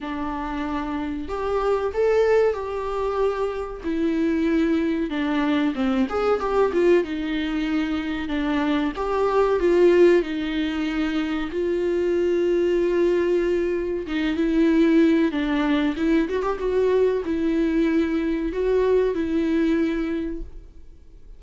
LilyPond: \new Staff \with { instrumentName = "viola" } { \time 4/4 \tempo 4 = 94 d'2 g'4 a'4 | g'2 e'2 | d'4 c'8 gis'8 g'8 f'8 dis'4~ | dis'4 d'4 g'4 f'4 |
dis'2 f'2~ | f'2 dis'8 e'4. | d'4 e'8 fis'16 g'16 fis'4 e'4~ | e'4 fis'4 e'2 | }